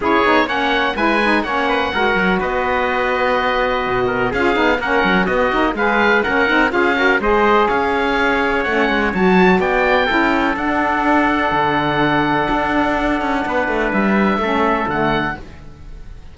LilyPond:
<<
  \new Staff \with { instrumentName = "oboe" } { \time 4/4 \tempo 4 = 125 cis''4 fis''4 gis''4 fis''4~ | fis''4 dis''2.~ | dis''4 f''4 fis''4 dis''4 | f''4 fis''4 f''4 dis''4 |
f''2 fis''4 a''4 | g''2 fis''2~ | fis''1~ | fis''4 e''2 fis''4 | }
  \new Staff \with { instrumentName = "trumpet" } { \time 4/4 gis'4 cis''4 b'4 cis''8 b'8 | ais'4 b'2.~ | b'8 ais'8 gis'4 ais'4 fis'4 | b'4 ais'4 gis'8 ais'8 c''4 |
cis''1 | d''4 a'2.~ | a'1 | b'2 a'2 | }
  \new Staff \with { instrumentName = "saxophone" } { \time 4/4 e'8 dis'8 cis'4 e'8 dis'8 cis'4 | fis'1~ | fis'4 f'8 dis'8 cis'4 b8 dis'8 | gis'4 cis'8 dis'8 f'8 fis'8 gis'4~ |
gis'2 cis'4 fis'4~ | fis'4 e'4 d'2~ | d'1~ | d'2 cis'4 a4 | }
  \new Staff \with { instrumentName = "cello" } { \time 4/4 cis'8 b8 ais4 gis4 ais4 | gis8 fis8 b2. | b,4 cis'8 b8 ais8 fis8 b8 ais8 | gis4 ais8 c'8 cis'4 gis4 |
cis'2 a8 gis8 fis4 | b4 cis'4 d'2 | d2 d'4. cis'8 | b8 a8 g4 a4 d4 | }
>>